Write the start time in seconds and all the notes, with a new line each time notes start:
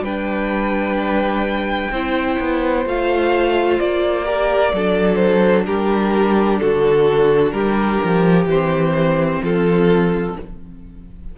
0.00 G3 D4 B4 G5
1.91 C4 E4 C5
2.39 B3
2.85 A3 F4 F5
3.79 A#3 D5
4.24 G4 A#4
4.72 F#3 D4 A4
5.15 C5
5.66 G3 G4 A#4
6.59 D3 F#4 A4
7.51 G3 G4 A#4
8.03 F3
8.45 E3 C4 C5
9.42 F3 F4 A4